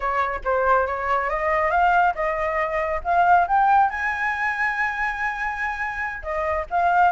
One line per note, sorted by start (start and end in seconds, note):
0.00 0.40 C#5
0.44 0.86 C5
0.86 1.29 C#5
1.29 1.70 D#5
1.70 2.13 F5
2.14 3.01 D#5
3.04 3.47 F5
3.47 3.90 G5
3.90 6.22 G#5
6.22 6.65 D#5
6.70 7.12 F5